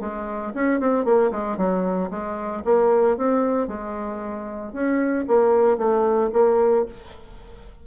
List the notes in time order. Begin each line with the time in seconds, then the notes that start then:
0.00 G#3
0.54 C#4
0.80 C4
1.05 A#3
1.31 G#3
1.57 F#3
2.10 G#3
2.65 A#3
3.17 C4
3.67 G#3
4.72 C#4
5.28 A#3
5.78 A3
6.33 A#3